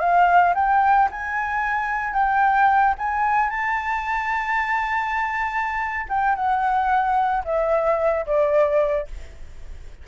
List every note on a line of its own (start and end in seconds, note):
0.00 0.54 F5
0.55 1.09 G5
1.11 2.14 G#5
2.14 2.95 G5
2.98 3.50 G#5
3.50 6.07 A5
6.09 6.36 G5
6.36 7.44 F#5
7.45 8.26 E5
8.27 9.08 D5